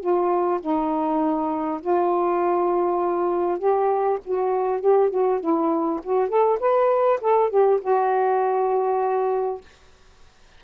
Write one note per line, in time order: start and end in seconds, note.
0.00 0.60 F4
0.60 1.80 D#4
1.81 3.58 F4
3.58 4.18 G4
4.24 4.81 F#4
4.81 5.10 G4
5.10 5.40 F#4
5.40 6.00 E4
6.03 6.28 F#4
6.28 6.58 A4
6.59 7.19 B4
7.21 7.49 A4
7.49 7.79 G4
7.81 9.61 F#4